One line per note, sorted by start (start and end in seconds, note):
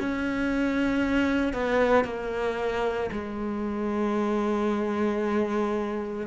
0.00 1.54 C#4
1.54 2.05 B3
2.05 3.10 A#3
3.12 6.27 G#3